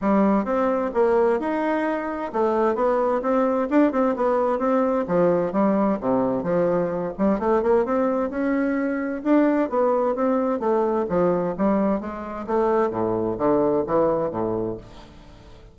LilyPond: \new Staff \with { instrumentName = "bassoon" } { \time 4/4 \tempo 4 = 130 g4 c'4 ais4 dis'4~ | dis'4 a4 b4 c'4 | d'8 c'8 b4 c'4 f4 | g4 c4 f4. g8 |
a8 ais8 c'4 cis'2 | d'4 b4 c'4 a4 | f4 g4 gis4 a4 | a,4 d4 e4 a,4 | }